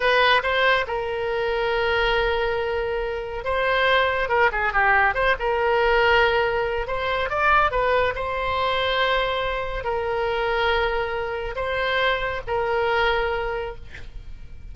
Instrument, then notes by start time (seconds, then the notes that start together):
oboe
0.00 B4
0.42 C5
0.87 A#4
3.44 C5
4.29 A#4
4.52 G#4
4.72 G4
5.14 C5
5.39 A#4
6.87 C5
7.29 D5
7.71 B4
8.15 C5
9.84 A#4
11.55 C5
12.47 A#4